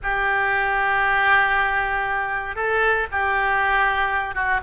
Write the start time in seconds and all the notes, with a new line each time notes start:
0.03 G4
2.55 A4
3.11 G4
4.34 F#4